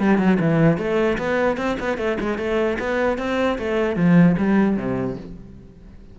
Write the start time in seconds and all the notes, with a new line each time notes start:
0.00 G3
0.19 F#3
0.40 E3
0.78 A3
1.18 B3
1.58 C4
1.80 B3
1.98 A3
2.21 G#3
2.38 A3
2.80 B3
3.18 C4
3.59 A3
3.97 F3
4.38 G3
4.77 C3